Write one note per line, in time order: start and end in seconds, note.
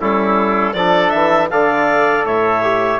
0.00 0.73 G3
0.00 0.75 C#4
0.00 0.75 E4
0.00 0.74 A4
0.73 1.11 F3
0.73 1.50 D4
0.73 1.50 A4
0.73 1.10 D5
1.10 1.50 E3
1.10 1.47 E5
1.50 2.24 D3
1.50 2.62 A4
1.50 2.25 D5
1.50 2.25 F5
2.24 2.99 A2
2.24 3.00 C#5
2.24 3.00 E5
2.62 3.00 G4